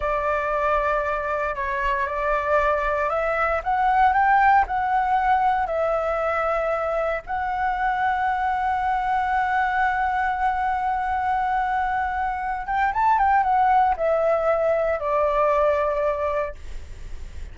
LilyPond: \new Staff \with { instrumentName = "flute" } { \time 4/4 \tempo 4 = 116 d''2. cis''4 | d''2 e''4 fis''4 | g''4 fis''2 e''4~ | e''2 fis''2~ |
fis''1~ | fis''1~ | fis''8 g''8 a''8 g''8 fis''4 e''4~ | e''4 d''2. | }